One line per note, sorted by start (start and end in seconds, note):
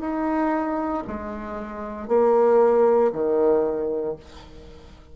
0.00 1.03 D#4
1.07 2.08 G#3
2.08 3.11 A#3
3.12 4.16 D#3